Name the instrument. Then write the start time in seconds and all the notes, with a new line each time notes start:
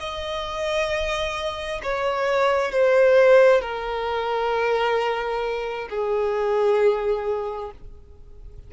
violin
0.00 D#5
1.83 C#5
2.72 C5
3.62 A#4
5.90 G#4